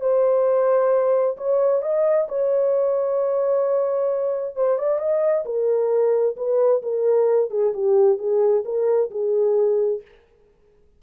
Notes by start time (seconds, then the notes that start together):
0.00 C5
1.37 C#5
1.82 D#5
2.28 C#5
4.55 C5
4.78 D5
4.98 D#5
5.45 A#4
6.36 B4
6.82 A#4
7.50 G#4
7.73 G4
8.18 G#4
8.64 A#4
9.11 G#4